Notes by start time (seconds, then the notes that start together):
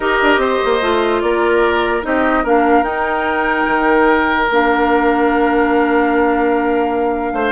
0.00 D#4 G4 A#4 D#5
0.22 D4
0.37 C4 C5
0.64 A#3
0.81 A3 F4
1.20 A#3 A#4 D5
2.02 C4 D#4 G4 D#5
2.43 A#3 D4 A#4 F5
2.82 D#4 G5
3.66 D#3
4.50 A#3 D4 F5
7.32 A3 C5